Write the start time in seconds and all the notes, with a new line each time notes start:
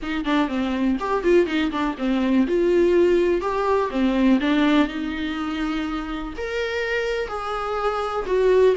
0.02 D#4
0.24 D4
0.48 C4
0.99 G4
1.23 F4
1.46 D#4
1.71 D4
1.98 C4
2.47 F4
3.41 G4
3.90 C4
4.40 D4
4.87 D#4
6.37 A#4
7.28 G#4
8.26 F#4